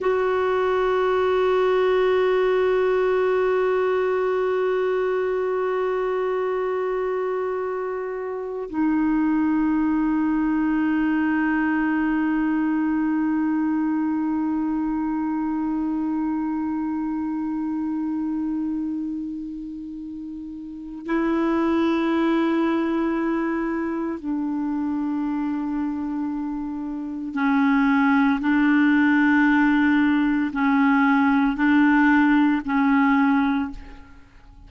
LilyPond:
\new Staff \with { instrumentName = "clarinet" } { \time 4/4 \tempo 4 = 57 fis'1~ | fis'1~ | fis'16 dis'2.~ dis'8.~ | dis'1~ |
dis'1 | e'2. d'4~ | d'2 cis'4 d'4~ | d'4 cis'4 d'4 cis'4 | }